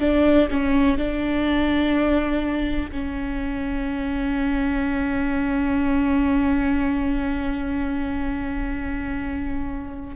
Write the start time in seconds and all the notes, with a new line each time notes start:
0.00 D4
0.51 C#4
0.98 D4
2.92 C#4